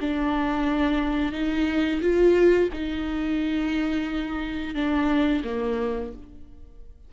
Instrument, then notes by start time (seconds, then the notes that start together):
viola
0.00 D4
1.32 D#4
2.01 F4
2.72 D#4
4.74 D4
5.44 A#3